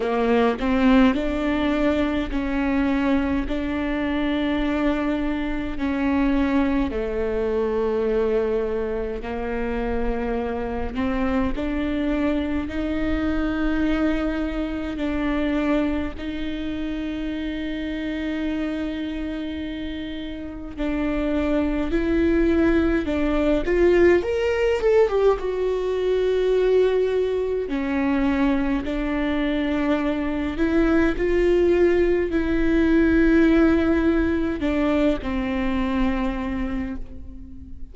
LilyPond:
\new Staff \with { instrumentName = "viola" } { \time 4/4 \tempo 4 = 52 ais8 c'8 d'4 cis'4 d'4~ | d'4 cis'4 a2 | ais4. c'8 d'4 dis'4~ | dis'4 d'4 dis'2~ |
dis'2 d'4 e'4 | d'8 f'8 ais'8 a'16 g'16 fis'2 | cis'4 d'4. e'8 f'4 | e'2 d'8 c'4. | }